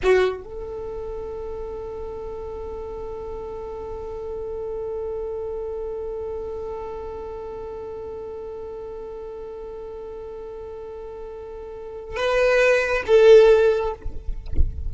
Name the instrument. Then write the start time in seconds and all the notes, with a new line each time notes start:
violin
0.03 F#4
0.43 A4
12.16 B4
13.06 A4